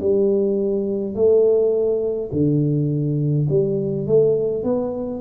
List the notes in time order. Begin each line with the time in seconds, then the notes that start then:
0.00 G3
1.15 A3
2.32 D3
3.49 G3
4.07 A3
4.64 B3